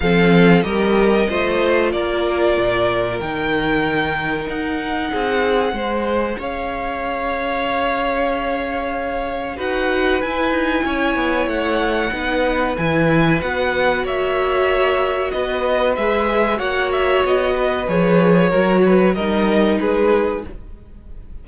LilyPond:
<<
  \new Staff \with { instrumentName = "violin" } { \time 4/4 \tempo 4 = 94 f''4 dis''2 d''4~ | d''4 g''2 fis''4~ | fis''2 f''2~ | f''2. fis''4 |
gis''2 fis''2 | gis''4 fis''4 e''2 | dis''4 e''4 fis''8 e''8 dis''4 | cis''2 dis''4 b'4 | }
  \new Staff \with { instrumentName = "violin" } { \time 4/4 a'4 ais'4 c''4 ais'4~ | ais'1 | gis'4 c''4 cis''2~ | cis''2. b'4~ |
b'4 cis''2 b'4~ | b'2 cis''2 | b'2 cis''4. b'8~ | b'4 ais'8 b'8 ais'4 gis'4 | }
  \new Staff \with { instrumentName = "viola" } { \time 4/4 c'4 g'4 f'2~ | f'4 dis'2.~ | dis'4 gis'2.~ | gis'2. fis'4 |
e'2. dis'4 | e'4 fis'2.~ | fis'4 gis'4 fis'2 | gis'4 fis'4 dis'2 | }
  \new Staff \with { instrumentName = "cello" } { \time 4/4 f4 g4 a4 ais4 | ais,4 dis2 dis'4 | c'4 gis4 cis'2~ | cis'2. dis'4 |
e'8 dis'8 cis'8 b8 a4 b4 | e4 b4 ais2 | b4 gis4 ais4 b4 | f4 fis4 g4 gis4 | }
>>